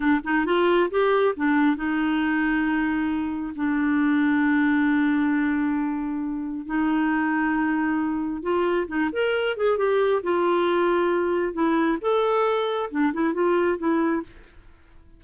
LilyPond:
\new Staff \with { instrumentName = "clarinet" } { \time 4/4 \tempo 4 = 135 d'8 dis'8 f'4 g'4 d'4 | dis'1 | d'1~ | d'2. dis'4~ |
dis'2. f'4 | dis'8 ais'4 gis'8 g'4 f'4~ | f'2 e'4 a'4~ | a'4 d'8 e'8 f'4 e'4 | }